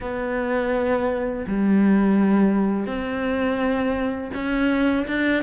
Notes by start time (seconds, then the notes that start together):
0.00 B3
1.47 G3
2.86 C4
4.34 C#4
5.07 D4